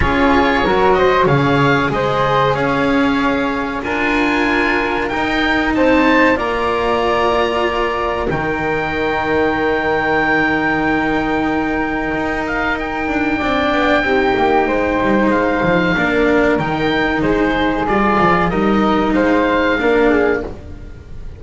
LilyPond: <<
  \new Staff \with { instrumentName = "oboe" } { \time 4/4 \tempo 4 = 94 cis''4. dis''8 f''4 dis''4 | f''2 gis''2 | g''4 a''4 ais''2~ | ais''4 g''2.~ |
g''2.~ g''8 f''8 | g''1 | f''2 g''4 c''4 | d''4 dis''4 f''2 | }
  \new Staff \with { instrumentName = "flute" } { \time 4/4 gis'4 ais'8 c''8 cis''4 c''4 | cis''2 ais'2~ | ais'4 c''4 d''2~ | d''4 ais'2.~ |
ais'1~ | ais'4 d''4 g'4 c''4~ | c''4 ais'2 gis'4~ | gis'4 ais'4 c''4 ais'8 gis'8 | }
  \new Staff \with { instrumentName = "cello" } { \time 4/4 f'4 fis'4 gis'2~ | gis'2 f'2 | dis'2 f'2~ | f'4 dis'2.~ |
dis'1~ | dis'4 d'4 dis'2~ | dis'4 d'4 dis'2 | f'4 dis'2 d'4 | }
  \new Staff \with { instrumentName = "double bass" } { \time 4/4 cis'4 fis4 cis4 gis4 | cis'2 d'2 | dis'4 c'4 ais2~ | ais4 dis2.~ |
dis2. dis'4~ | dis'8 d'8 c'8 b8 c'8 ais8 gis8 g8 | gis8 f8 ais4 dis4 gis4 | g8 f8 g4 gis4 ais4 | }
>>